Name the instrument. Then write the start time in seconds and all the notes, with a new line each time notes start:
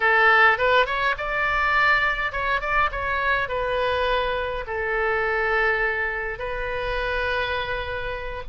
oboe
0.00 A4
0.57 B4
0.86 C#5
1.17 D5
2.31 C#5
2.61 D5
2.91 C#5
3.48 B4
4.66 A4
6.39 B4